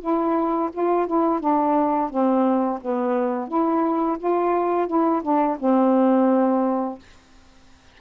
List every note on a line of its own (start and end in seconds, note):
0.00 0.70 E4
0.72 1.07 F4
1.07 1.40 E4
1.40 2.10 D4
2.10 2.79 C4
2.81 3.48 B3
3.48 4.17 E4
4.18 4.87 F4
4.87 5.22 E4
5.22 5.57 D4
5.59 6.99 C4